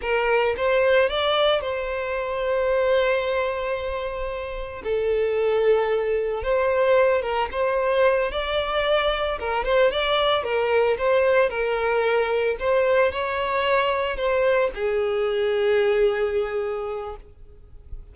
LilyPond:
\new Staff \with { instrumentName = "violin" } { \time 4/4 \tempo 4 = 112 ais'4 c''4 d''4 c''4~ | c''1~ | c''4 a'2. | c''4. ais'8 c''4. d''8~ |
d''4. ais'8 c''8 d''4 ais'8~ | ais'8 c''4 ais'2 c''8~ | c''8 cis''2 c''4 gis'8~ | gis'1 | }